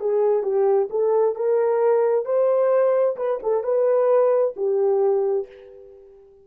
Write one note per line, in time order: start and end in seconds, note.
0.00 0.43 G#4
0.43 0.88 G4
0.90 1.35 A4
1.35 2.25 A#4
2.25 3.16 C5
3.16 3.39 B4
3.43 3.64 A4
3.64 4.55 B4
4.56 5.47 G4